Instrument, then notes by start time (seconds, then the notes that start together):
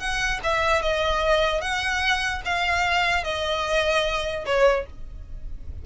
violin
0.00 F#5
0.44 E5
0.82 D#5
1.62 F#5
2.46 F5
3.25 D#5
4.46 C#5